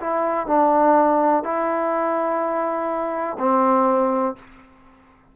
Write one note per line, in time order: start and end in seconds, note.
0.00 0.47 E4
0.47 1.44 D4
1.44 3.37 E4
3.38 4.35 C4